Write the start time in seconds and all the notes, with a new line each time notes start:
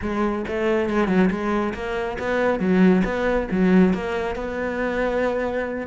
0.01 G#3
0.47 A3
0.89 G#3
1.07 F#3
1.30 G#3
1.74 A#3
2.18 B3
2.59 F#3
3.04 B3
3.51 F#3
3.93 A#3
4.35 B3